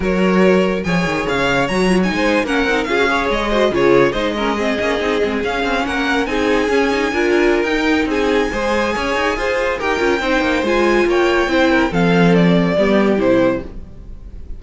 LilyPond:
<<
  \new Staff \with { instrumentName = "violin" } { \time 4/4 \tempo 4 = 141 cis''2 gis''4 f''4 | ais''8. gis''4 fis''4 f''4 dis''16~ | dis''8. cis''4 dis''2~ dis''16~ | dis''8. f''4 fis''4 gis''4~ gis''16~ |
gis''2 g''4 gis''4~ | gis''2. g''4~ | g''4 gis''4 g''2 | f''4 d''2 c''4 | }
  \new Staff \with { instrumentName = "violin" } { \time 4/4 ais'2 cis''2~ | cis''4 c''8. ais'4 gis'8 cis''8.~ | cis''16 c''8 gis'4 c''8 ais'8 gis'4~ gis'16~ | gis'4.~ gis'16 ais'4 gis'4~ gis'16~ |
gis'8. ais'2~ ais'16 gis'4 | c''4 cis''4 c''4 ais'4 | c''2 cis''4 c''8 ais'8 | a'2 g'2 | }
  \new Staff \with { instrumentName = "viola" } { \time 4/4 fis'2 gis'2 | fis'8 f'16 dis'4 cis'8 dis'8 f'16 fis'16 gis'8.~ | gis'16 fis'8 f'4 dis'8 cis'8 c'8 cis'8 dis'16~ | dis'16 c'8 cis'2 dis'4 cis'16~ |
cis'16 dis'8 f'4~ f'16 dis'2 | gis'2. g'8 f'8 | dis'4 f'2 e'4 | c'2 b4 e'4 | }
  \new Staff \with { instrumentName = "cello" } { \time 4/4 fis2 f8 dis8 cis4 | fis4 gis8. ais8 c'8 cis'4 gis16~ | gis8. cis4 gis4. ais8 c'16~ | c'16 gis8 cis'8 c'8 ais4 c'4 cis'16~ |
cis'8. d'4~ d'16 dis'4 c'4 | gis4 cis'8 dis'8 f'4 dis'8 cis'8 | c'8 ais8 gis4 ais4 c'4 | f2 g4 c4 | }
>>